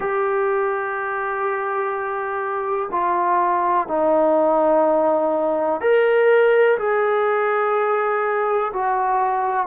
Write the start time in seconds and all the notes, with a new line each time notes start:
0.00 G4
2.91 F4
3.87 D#4
5.80 A#4
6.78 G#4
8.73 F#4